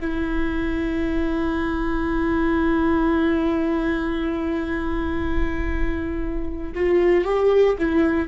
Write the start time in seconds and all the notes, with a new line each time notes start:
0.00 E4
6.75 F4
7.25 G4
7.78 E4